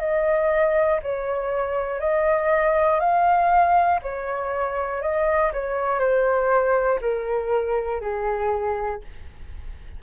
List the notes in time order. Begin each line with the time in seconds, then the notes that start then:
0.00 D#5
1.03 C#5
2.00 D#5
3.00 F5
4.02 C#5
5.01 D#5
5.53 C#5
6.00 C5
7.01 A#4
8.01 G#4